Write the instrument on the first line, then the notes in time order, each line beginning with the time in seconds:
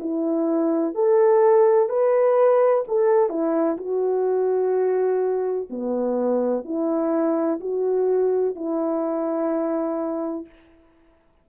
horn
0.00 E4
0.95 A4
1.89 B4
2.88 A4
3.29 E4
3.78 F#4
5.70 B3
6.65 E4
7.60 F#4
8.55 E4